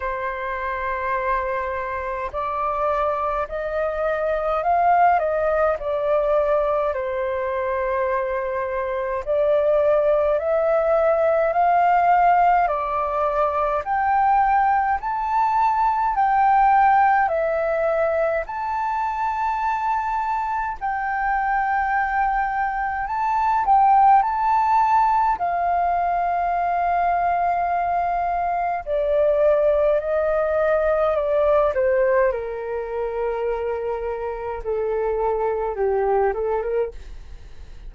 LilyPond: \new Staff \with { instrumentName = "flute" } { \time 4/4 \tempo 4 = 52 c''2 d''4 dis''4 | f''8 dis''8 d''4 c''2 | d''4 e''4 f''4 d''4 | g''4 a''4 g''4 e''4 |
a''2 g''2 | a''8 g''8 a''4 f''2~ | f''4 d''4 dis''4 d''8 c''8 | ais'2 a'4 g'8 a'16 ais'16 | }